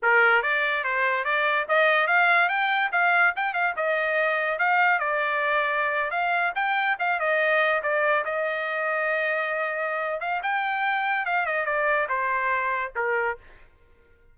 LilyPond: \new Staff \with { instrumentName = "trumpet" } { \time 4/4 \tempo 4 = 144 ais'4 d''4 c''4 d''4 | dis''4 f''4 g''4 f''4 | g''8 f''8 dis''2 f''4 | d''2~ d''8. f''4 g''16~ |
g''8. f''8 dis''4. d''4 dis''16~ | dis''1~ | dis''8 f''8 g''2 f''8 dis''8 | d''4 c''2 ais'4 | }